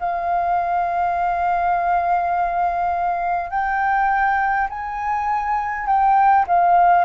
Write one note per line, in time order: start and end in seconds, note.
0.00 3.51 F5
3.51 4.68 G5
4.70 5.87 G#5
5.87 6.46 G5
6.48 7.05 F5